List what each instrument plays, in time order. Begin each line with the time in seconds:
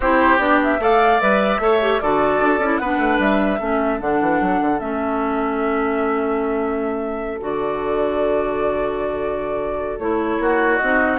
0.00 bassoon C4, clarinet E4, oboe G4, flute C5
0.38 bassoon B3, clarinet D4, flute D5
0.63 flute E5
0.79 bassoon A3, clarinet A4, oboe D5, flute F5
1.20 bassoon G3, clarinet B4, flute E5
1.59 bassoon A3, clarinet A4, oboe C#5
1.81 clarinet G4
2.00 bassoon D3, clarinet F#4, oboe A4, flute D5
2.41 bassoon D4
2.58 bassoon C#4, clarinet E4
2.77 bassoon B3, clarinet D4, oboe B4, flute F#5
2.98 bassoon A3
3.18 bassoon G3, flute E5
3.59 bassoon A3, clarinet C#4, oboe A4
3.99 bassoon D3, clarinet D4, flute F#5
4.20 bassoon E3
4.40 bassoon F#3
4.61 bassoon D3
4.79 bassoon A3, clarinet C#4, flute E5
7.40 bassoon D3, clarinet F#4, flute D5
9.98 bassoon A3, clarinet E4, flute C#5
10.38 bassoon A#3, oboe F#4
10.76 bassoon C4, clarinet D#4, flute D#5